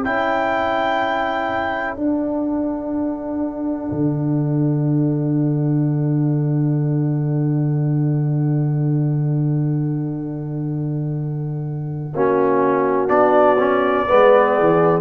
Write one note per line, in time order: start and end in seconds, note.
0.00 1.97 C#4
0.00 1.97 E4
0.00 12.10 A4
0.00 1.95 G5
1.95 3.91 D4
1.95 12.13 D4
1.95 13.08 F#5
3.91 12.14 D3
12.14 13.09 A#3
12.14 13.08 C#4
12.14 14.07 F#4
13.08 14.06 B3
13.08 13.56 D4
13.08 15.01 D5
13.58 14.07 C#4
14.07 14.59 G#3
14.07 15.01 B3
14.07 14.55 B4
14.55 15.01 E3
14.55 15.01 G#4